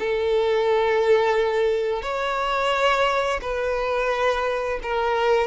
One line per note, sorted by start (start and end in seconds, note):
0.00 2.03 A4
2.03 3.40 C#5
3.42 4.80 B4
4.83 5.48 A#4